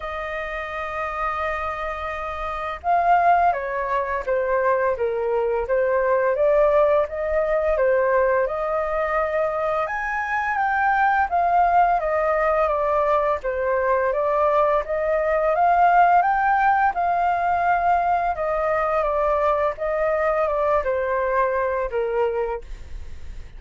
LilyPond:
\new Staff \with { instrumentName = "flute" } { \time 4/4 \tempo 4 = 85 dis''1 | f''4 cis''4 c''4 ais'4 | c''4 d''4 dis''4 c''4 | dis''2 gis''4 g''4 |
f''4 dis''4 d''4 c''4 | d''4 dis''4 f''4 g''4 | f''2 dis''4 d''4 | dis''4 d''8 c''4. ais'4 | }